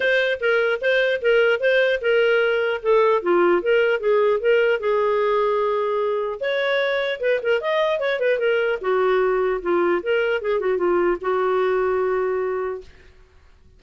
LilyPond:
\new Staff \with { instrumentName = "clarinet" } { \time 4/4 \tempo 4 = 150 c''4 ais'4 c''4 ais'4 | c''4 ais'2 a'4 | f'4 ais'4 gis'4 ais'4 | gis'1 |
cis''2 b'8 ais'8 dis''4 | cis''8 b'8 ais'4 fis'2 | f'4 ais'4 gis'8 fis'8 f'4 | fis'1 | }